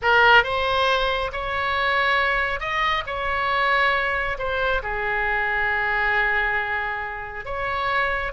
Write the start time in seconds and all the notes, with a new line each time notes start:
0.02 A#4
0.43 C5
1.32 C#5
2.60 D#5
3.06 C#5
4.38 C5
4.83 G#4
7.45 C#5